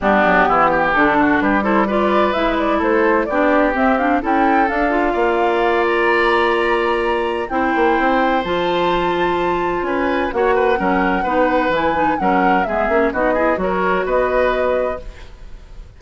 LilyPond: <<
  \new Staff \with { instrumentName = "flute" } { \time 4/4 \tempo 4 = 128 g'2 a'4 b'8 c''8 | d''4 e''8 d''8 c''4 d''4 | e''8 f''8 g''4 f''2~ | f''8 ais''2.~ ais''8 |
g''2 a''2~ | a''4 gis''4 fis''2~ | fis''4 gis''4 fis''4 e''4 | dis''4 cis''4 dis''2 | }
  \new Staff \with { instrumentName = "oboe" } { \time 4/4 d'4 e'8 g'4 fis'8 g'8 a'8 | b'2 a'4 g'4~ | g'4 a'2 d''4~ | d''1 |
c''1~ | c''4 b'4 cis''8 b'8 ais'4 | b'2 ais'4 gis'4 | fis'8 gis'8 ais'4 b'2 | }
  \new Staff \with { instrumentName = "clarinet" } { \time 4/4 b2 d'4. e'8 | f'4 e'2 d'4 | c'8 d'8 e'4 d'8 f'4.~ | f'1 |
e'2 f'2~ | f'2 fis'4 cis'4 | dis'4 e'8 dis'8 cis'4 b8 cis'8 | dis'8 e'8 fis'2. | }
  \new Staff \with { instrumentName = "bassoon" } { \time 4/4 g8 fis8 e4 d4 g4~ | g4 gis4 a4 b4 | c'4 cis'4 d'4 ais4~ | ais1 |
c'8 ais8 c'4 f2~ | f4 cis'4 ais4 fis4 | b4 e4 fis4 gis8 ais8 | b4 fis4 b2 | }
>>